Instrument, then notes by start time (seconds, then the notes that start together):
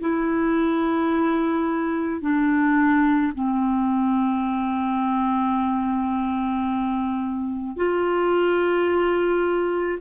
clarinet
0.00 E4
2.21 D4
3.34 C4
7.76 F4